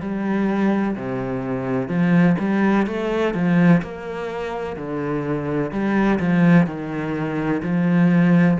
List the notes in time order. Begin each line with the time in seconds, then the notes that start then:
0.00 G3
0.96 C3
1.88 F3
2.39 G3
2.87 A3
3.34 F3
3.82 A#3
4.76 D3
5.71 G3
6.19 F3
6.66 D#3
7.62 F3